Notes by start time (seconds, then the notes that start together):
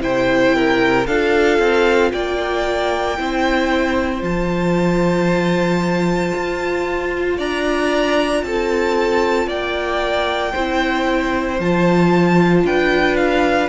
0.00 C3 E4 C5 G5
0.55 A#4
1.06 D4 F4 A4 F5
1.58 C4
2.12 A#3 D5 G5
3.18 C4 E4 C5
4.20 F3 F4 A5
6.34 F4
7.37 D4 D5 A#5
8.43 C4 A4 A5
9.47 A#3 D5 G5
10.52 C4 E4 C5
11.59 F3 F4 A5
12.64 D4 B4 G5
13.16 F5